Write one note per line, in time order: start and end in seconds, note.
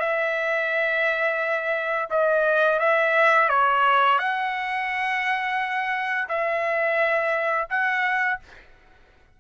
0.00 2.09 E5
2.10 2.79 D#5
2.79 3.49 E5
3.49 4.19 C#5
4.19 6.28 F#5
6.29 7.68 E5
7.70 8.40 F#5